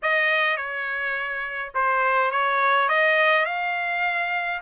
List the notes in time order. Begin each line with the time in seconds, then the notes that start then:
0.02 D#5
0.56 C#5
1.74 C5
2.31 C#5
2.88 D#5
3.45 F5